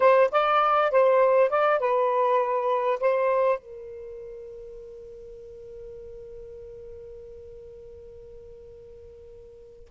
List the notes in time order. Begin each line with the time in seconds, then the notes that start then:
0.00 C5
0.31 D5
0.91 C5
1.49 D5
1.79 B4
2.99 C5
3.58 A#4